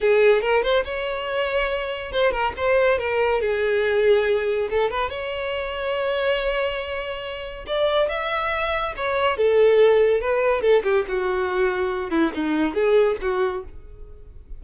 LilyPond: \new Staff \with { instrumentName = "violin" } { \time 4/4 \tempo 4 = 141 gis'4 ais'8 c''8 cis''2~ | cis''4 c''8 ais'8 c''4 ais'4 | gis'2. a'8 b'8 | cis''1~ |
cis''2 d''4 e''4~ | e''4 cis''4 a'2 | b'4 a'8 g'8 fis'2~ | fis'8 e'8 dis'4 gis'4 fis'4 | }